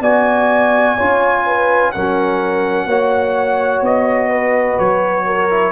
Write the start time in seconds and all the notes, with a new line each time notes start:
0.00 B3 F#4 D5 G#5
0.96 C#4 F4 C#5
1.46 B4
1.91 F#3 C#4 A#4 F#5
2.85 A#3 F#4 C#5
3.81 B3 D#5
4.29 B4
4.78 F#3 C#5
5.25 A#4
5.50 E4